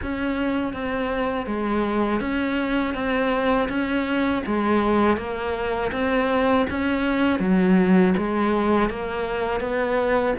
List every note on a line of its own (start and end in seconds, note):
0.02 0.73 C#4
0.73 1.46 C4
1.46 2.20 G#3
2.20 2.94 C#4
2.94 3.68 C4
3.68 4.42 C#4
4.46 5.17 G#3
5.17 5.91 A#3
5.92 6.66 C4
6.69 7.39 C#4
7.39 8.13 F#3
8.17 8.89 G#3
8.89 9.60 A#3
9.60 10.34 B3